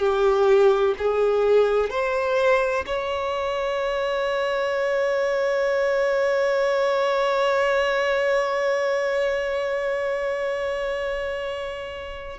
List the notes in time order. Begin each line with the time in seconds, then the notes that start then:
0.00 G4
0.99 G#4
1.90 C5
2.87 C#5